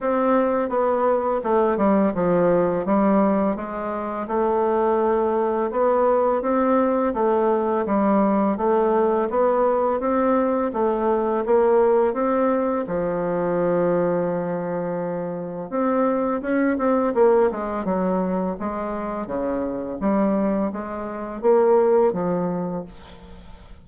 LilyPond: \new Staff \with { instrumentName = "bassoon" } { \time 4/4 \tempo 4 = 84 c'4 b4 a8 g8 f4 | g4 gis4 a2 | b4 c'4 a4 g4 | a4 b4 c'4 a4 |
ais4 c'4 f2~ | f2 c'4 cis'8 c'8 | ais8 gis8 fis4 gis4 cis4 | g4 gis4 ais4 f4 | }